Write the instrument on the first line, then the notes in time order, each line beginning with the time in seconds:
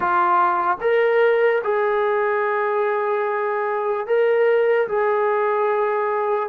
trombone
0.00 F4
0.81 A#4
1.63 G#4
4.06 A#4
4.88 G#4